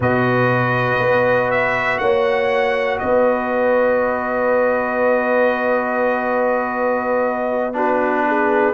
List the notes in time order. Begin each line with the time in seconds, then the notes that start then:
0.00 B2 F#4 B4 D#5
0.99 B3
1.50 E5
1.98 A#3 C#5 F#5
2.99 B3 B4 D#5
7.73 D4 F#4 B4
8.27 G#4